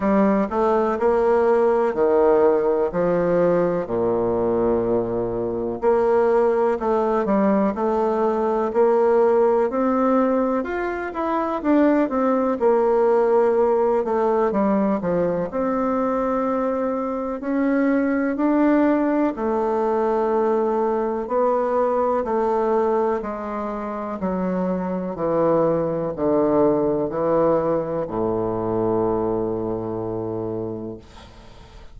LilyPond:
\new Staff \with { instrumentName = "bassoon" } { \time 4/4 \tempo 4 = 62 g8 a8 ais4 dis4 f4 | ais,2 ais4 a8 g8 | a4 ais4 c'4 f'8 e'8 | d'8 c'8 ais4. a8 g8 f8 |
c'2 cis'4 d'4 | a2 b4 a4 | gis4 fis4 e4 d4 | e4 a,2. | }